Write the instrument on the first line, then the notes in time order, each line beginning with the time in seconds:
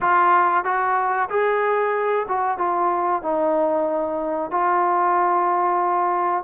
trombone
0.01 F4
0.64 F#4
1.29 G#4
2.28 F#4
2.58 F4
3.22 D#4
4.50 F4